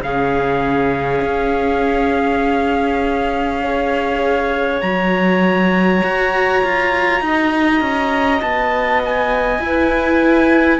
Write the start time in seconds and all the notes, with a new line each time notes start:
0.00 C#3 C#4 G#4 F5
1.21 C#4
3.63 G#4 C#5
4.81 F#3 F#4 A#5
6.03 F#4
6.63 F4
7.21 D#4 D#5
7.81 C#4
8.41 B3 A5
9.04 G#5
9.58 E4
9.65 B4